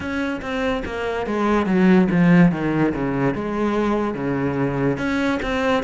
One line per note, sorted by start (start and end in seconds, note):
0.00 0.41 C#4
0.41 0.83 C4
0.85 1.26 A#3
1.26 1.66 G#3
1.66 2.08 F#3
2.11 2.52 F3
2.52 2.93 D#3
2.94 3.34 C#3
3.34 4.14 G#3
4.14 4.97 C#3
4.97 5.39 C#4
5.42 5.83 C4